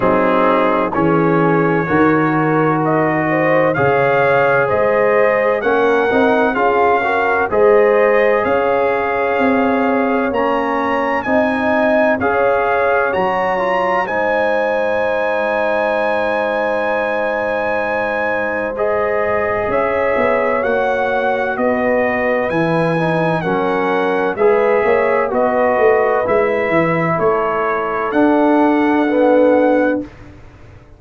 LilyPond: <<
  \new Staff \with { instrumentName = "trumpet" } { \time 4/4 \tempo 4 = 64 gis'4 cis''2 dis''4 | f''4 dis''4 fis''4 f''4 | dis''4 f''2 ais''4 | gis''4 f''4 ais''4 gis''4~ |
gis''1 | dis''4 e''4 fis''4 dis''4 | gis''4 fis''4 e''4 dis''4 | e''4 cis''4 fis''2 | }
  \new Staff \with { instrumentName = "horn" } { \time 4/4 dis'4 gis'4 ais'4. c''8 | cis''4 c''4 ais'4 gis'8 ais'8 | c''4 cis''2. | dis''4 cis''2 c''4~ |
c''1~ | c''4 cis''2 b'4~ | b'4 ais'4 b'8 cis''8 b'4~ | b'4 a'2. | }
  \new Staff \with { instrumentName = "trombone" } { \time 4/4 c'4 cis'4 fis'2 | gis'2 cis'8 dis'8 f'8 fis'8 | gis'2. cis'4 | dis'4 gis'4 fis'8 f'8 dis'4~ |
dis'1 | gis'2 fis'2 | e'8 dis'8 cis'4 gis'4 fis'4 | e'2 d'4 b4 | }
  \new Staff \with { instrumentName = "tuba" } { \time 4/4 fis4 e4 dis2 | cis4 gis4 ais8 c'8 cis'4 | gis4 cis'4 c'4 ais4 | c'4 cis'4 fis4 gis4~ |
gis1~ | gis4 cis'8 b8 ais4 b4 | e4 fis4 gis8 ais8 b8 a8 | gis8 e8 a4 d'2 | }
>>